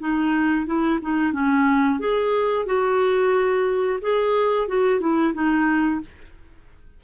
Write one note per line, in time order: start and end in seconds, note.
0.00 0.67 D#4
0.67 1.00 E4
1.02 1.33 D#4
1.33 2.00 C#4
2.00 2.66 G#4
2.66 4.00 F#4
4.02 4.68 G#4
4.68 5.01 F#4
5.01 5.34 E4
5.34 6.01 D#4